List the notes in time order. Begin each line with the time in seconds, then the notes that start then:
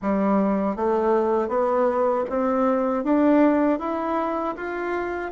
0.01 G3
0.76 A3
1.48 B3
2.29 C4
3.03 D4
3.79 E4
4.56 F4